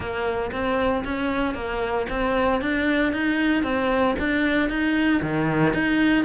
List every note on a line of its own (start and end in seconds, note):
0.00 0.51 A#3
0.51 1.04 C4
1.04 1.54 C#4
1.54 2.06 A#3
2.09 2.61 C4
2.61 3.12 D4
3.12 3.63 D#4
3.63 4.15 C4
4.19 4.69 D4
4.69 5.21 D#4
5.22 5.73 D#3
5.73 6.25 D#4